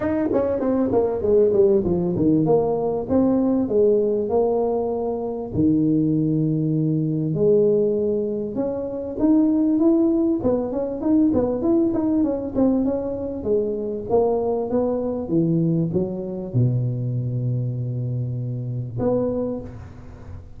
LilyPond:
\new Staff \with { instrumentName = "tuba" } { \time 4/4 \tempo 4 = 98 dis'8 cis'8 c'8 ais8 gis8 g8 f8 dis8 | ais4 c'4 gis4 ais4~ | ais4 dis2. | gis2 cis'4 dis'4 |
e'4 b8 cis'8 dis'8 b8 e'8 dis'8 | cis'8 c'8 cis'4 gis4 ais4 | b4 e4 fis4 b,4~ | b,2. b4 | }